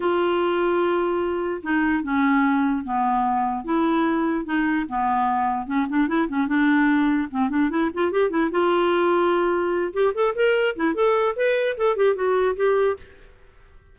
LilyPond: \new Staff \with { instrumentName = "clarinet" } { \time 4/4 \tempo 4 = 148 f'1 | dis'4 cis'2 b4~ | b4 e'2 dis'4 | b2 cis'8 d'8 e'8 cis'8 |
d'2 c'8 d'8 e'8 f'8 | g'8 e'8 f'2.~ | f'8 g'8 a'8 ais'4 e'8 a'4 | b'4 a'8 g'8 fis'4 g'4 | }